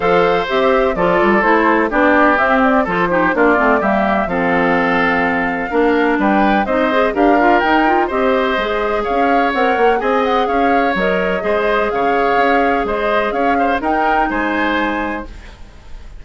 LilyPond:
<<
  \new Staff \with { instrumentName = "flute" } { \time 4/4 \tempo 4 = 126 f''4 e''4 d''4 c''4 | d''4 e''8 d''8 c''4 d''4 | e''4 f''2.~ | f''4 g''4 dis''4 f''4 |
g''4 dis''2 f''4 | fis''4 gis''8 fis''8 f''4 dis''4~ | dis''4 f''2 dis''4 | f''4 g''4 gis''2 | }
  \new Staff \with { instrumentName = "oboe" } { \time 4/4 c''2 a'2 | g'2 a'8 g'8 f'4 | g'4 a'2. | ais'4 b'4 c''4 ais'4~ |
ais'4 c''2 cis''4~ | cis''4 dis''4 cis''2 | c''4 cis''2 c''4 | cis''8 c''8 ais'4 c''2 | }
  \new Staff \with { instrumentName = "clarinet" } { \time 4/4 a'4 g'4 f'4 e'4 | d'4 c'4 f'8 dis'8 d'8 c'8 | ais4 c'2. | d'2 dis'8 gis'8 g'8 f'8 |
dis'8 f'8 g'4 gis'2 | ais'4 gis'2 ais'4 | gis'1~ | gis'4 dis'2. | }
  \new Staff \with { instrumentName = "bassoon" } { \time 4/4 f4 c'4 f8 g8 a4 | b4 c'4 f4 ais8 a8 | g4 f2. | ais4 g4 c'4 d'4 |
dis'4 c'4 gis4 cis'4 | c'8 ais8 c'4 cis'4 fis4 | gis4 cis4 cis'4 gis4 | cis'4 dis'4 gis2 | }
>>